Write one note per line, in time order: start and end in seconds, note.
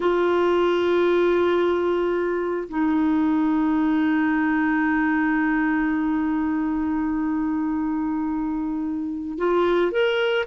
0.00 2.68 F4
2.68 9.38 D#4
9.38 9.91 F4
9.91 10.45 A#4